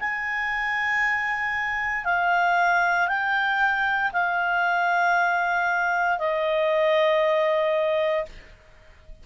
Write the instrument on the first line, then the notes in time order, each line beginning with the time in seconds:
clarinet
0.00 G#5
2.05 F5
3.08 G5
4.13 F5
6.19 D#5